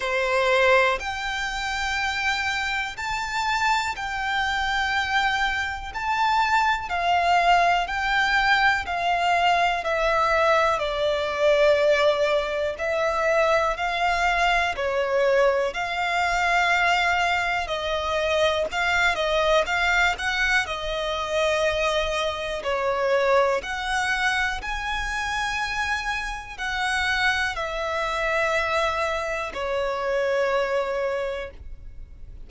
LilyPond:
\new Staff \with { instrumentName = "violin" } { \time 4/4 \tempo 4 = 61 c''4 g''2 a''4 | g''2 a''4 f''4 | g''4 f''4 e''4 d''4~ | d''4 e''4 f''4 cis''4 |
f''2 dis''4 f''8 dis''8 | f''8 fis''8 dis''2 cis''4 | fis''4 gis''2 fis''4 | e''2 cis''2 | }